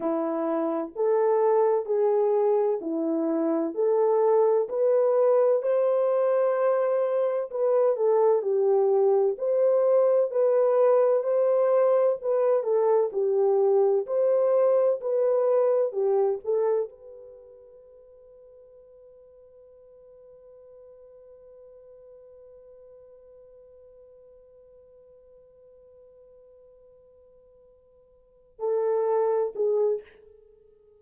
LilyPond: \new Staff \with { instrumentName = "horn" } { \time 4/4 \tempo 4 = 64 e'4 a'4 gis'4 e'4 | a'4 b'4 c''2 | b'8 a'8 g'4 c''4 b'4 | c''4 b'8 a'8 g'4 c''4 |
b'4 g'8 a'8 b'2~ | b'1~ | b'1~ | b'2~ b'8 a'4 gis'8 | }